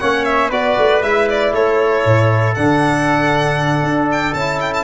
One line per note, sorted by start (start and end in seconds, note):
0.00 0.51 A#3
0.00 0.52 C#4
0.00 0.50 C#5
0.00 0.25 F#5
0.25 0.51 E5
0.50 0.77 B3
0.50 1.03 F#4
0.50 1.52 B4
0.50 1.03 D5
0.78 1.02 A3
1.02 1.53 G#3
1.02 2.57 E4
1.02 1.29 E5
1.30 1.55 D5
1.53 2.04 A3
1.53 4.84 A4
1.53 2.55 C#5
2.06 2.57 A2
2.55 3.83 D3
2.55 4.36 D4
2.55 4.09 F#5
3.83 4.34 D4
4.12 4.34 G5
4.34 4.84 C#4
4.34 4.84 E4
4.34 4.60 A5
4.61 4.74 G5
4.74 4.84 A5